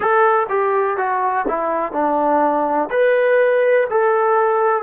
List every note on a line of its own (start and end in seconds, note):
0.00 0.46 A4
0.49 0.97 G4
0.97 1.45 F#4
1.48 1.92 E4
1.92 2.89 D4
2.90 3.87 B4
3.89 4.82 A4